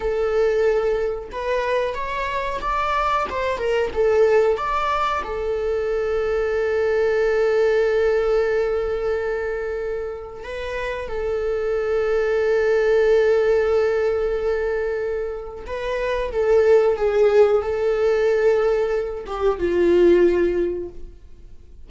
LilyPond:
\new Staff \with { instrumentName = "viola" } { \time 4/4 \tempo 4 = 92 a'2 b'4 cis''4 | d''4 c''8 ais'8 a'4 d''4 | a'1~ | a'1 |
b'4 a'2.~ | a'1 | b'4 a'4 gis'4 a'4~ | a'4. g'8 f'2 | }